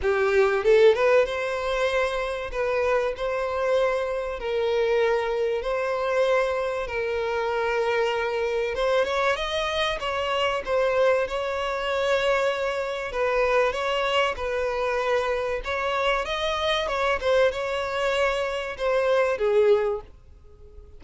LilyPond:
\new Staff \with { instrumentName = "violin" } { \time 4/4 \tempo 4 = 96 g'4 a'8 b'8 c''2 | b'4 c''2 ais'4~ | ais'4 c''2 ais'4~ | ais'2 c''8 cis''8 dis''4 |
cis''4 c''4 cis''2~ | cis''4 b'4 cis''4 b'4~ | b'4 cis''4 dis''4 cis''8 c''8 | cis''2 c''4 gis'4 | }